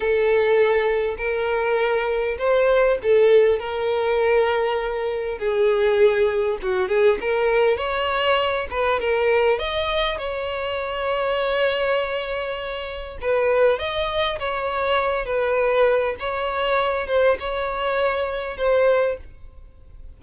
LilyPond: \new Staff \with { instrumentName = "violin" } { \time 4/4 \tempo 4 = 100 a'2 ais'2 | c''4 a'4 ais'2~ | ais'4 gis'2 fis'8 gis'8 | ais'4 cis''4. b'8 ais'4 |
dis''4 cis''2.~ | cis''2 b'4 dis''4 | cis''4. b'4. cis''4~ | cis''8 c''8 cis''2 c''4 | }